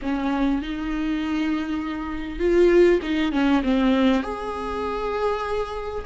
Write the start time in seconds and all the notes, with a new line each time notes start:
0.02 C#4
0.61 D#4
2.39 F4
3.02 D#4
3.32 C#4
3.63 C4
4.23 G#4